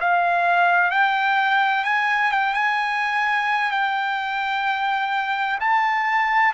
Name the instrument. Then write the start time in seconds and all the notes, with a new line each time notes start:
trumpet
0.00 F5
0.90 G5
1.84 G#5
2.31 G5
2.54 G#5
3.71 G5
5.60 A5